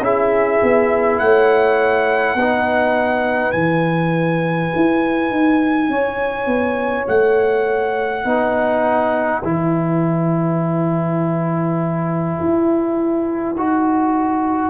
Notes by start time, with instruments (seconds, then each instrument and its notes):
0.00 tuba C#4, trombone E4, horn G#4, trumpet E5
0.63 tuba B3
1.19 tuba A3, horn C#5, trumpet F#5
2.35 tuba B3, trombone D#4, horn B4
3.52 tuba E3, trombone E4, trumpet G#5
4.75 tuba E4
5.30 tuba D#4
5.89 tuba C#4, horn C#5
6.46 tuba B3
7.08 tuba A3, trumpet F#5
8.25 tuba B3, trombone D#4, horn B4
9.42 tuba E3, trombone E4, trumpet G#5
12.40 tuba E4
13.55 tuba D#4, trombone F#4